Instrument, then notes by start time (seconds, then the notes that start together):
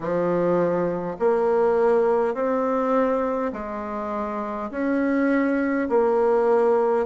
bassoon
0.00 F3
1.19 A#3
2.34 C4
3.52 G#3
4.71 C#4
5.89 A#3